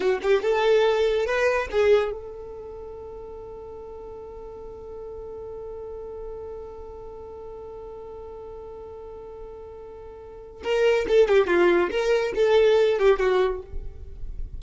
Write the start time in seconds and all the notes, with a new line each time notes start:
0.00 F#4
0.22 G4
0.42 A4
1.26 B4
1.71 G#4
2.11 A4
10.63 A#4
11.08 A4
11.28 G4
11.47 F4
11.90 A#4
12.35 A4
12.98 G4
13.19 F#4